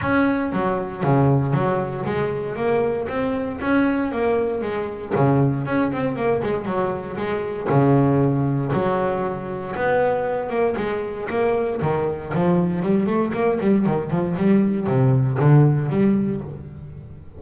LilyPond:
\new Staff \with { instrumentName = "double bass" } { \time 4/4 \tempo 4 = 117 cis'4 fis4 cis4 fis4 | gis4 ais4 c'4 cis'4 | ais4 gis4 cis4 cis'8 c'8 | ais8 gis8 fis4 gis4 cis4~ |
cis4 fis2 b4~ | b8 ais8 gis4 ais4 dis4 | f4 g8 a8 ais8 g8 dis8 f8 | g4 c4 d4 g4 | }